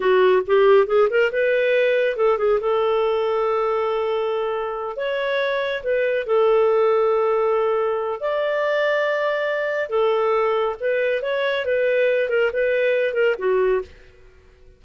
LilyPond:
\new Staff \with { instrumentName = "clarinet" } { \time 4/4 \tempo 4 = 139 fis'4 g'4 gis'8 ais'8 b'4~ | b'4 a'8 gis'8 a'2~ | a'2.~ a'8 cis''8~ | cis''4. b'4 a'4.~ |
a'2. d''4~ | d''2. a'4~ | a'4 b'4 cis''4 b'4~ | b'8 ais'8 b'4. ais'8 fis'4 | }